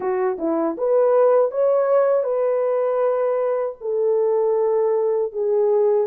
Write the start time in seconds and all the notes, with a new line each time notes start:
0.00 F#4
0.38 E4
0.77 B4
1.51 C#5
2.23 B4
3.80 A4
5.32 G#4